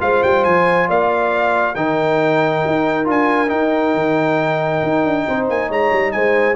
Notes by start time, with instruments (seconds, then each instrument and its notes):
0.00 tuba G#3, trombone F4, horn C5, trumpet F5
0.23 tuba G3, trumpet G5
0.44 tuba F3, trumpet G#5
0.88 tuba A#3, horn D5, trumpet F5
1.75 tuba D#3, trombone D#4, horn A#4, trumpet G5
2.66 tuba D#4
3.05 tuba D4, trombone F4, trumpet G#5
3.48 trombone D#4, tuba D#4, trumpet G5
3.95 tuba D#3
4.83 tuba D#4
5.04 tuba D4
5.27 tuba C4, horn C5
5.49 tuba A#3, trumpet G#5
5.69 tuba G#3, horn C#5, trumpet A#5
5.93 tuba G3
6.12 tuba G#3, horn C5, trumpet G#5